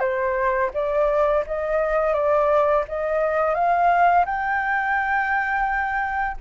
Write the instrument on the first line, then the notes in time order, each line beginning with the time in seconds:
flute
0.00 C5
0.74 D5
1.47 D#5
2.14 D5
2.88 D#5
3.55 F5
4.25 G5